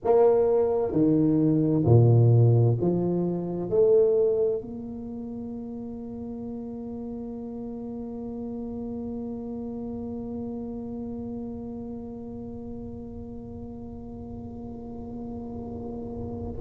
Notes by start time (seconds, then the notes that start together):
0.04 A#3
0.91 D#3
1.85 A#2
2.80 F3
3.69 A3
4.61 A#3